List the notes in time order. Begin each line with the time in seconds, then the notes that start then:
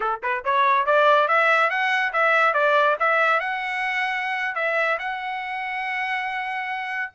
0.00 A4
0.22 B4
0.44 C#5
0.86 D5
1.28 E5
1.69 F#5
2.13 E5
2.53 D5
2.99 E5
3.39 F#5
4.55 E5
4.98 F#5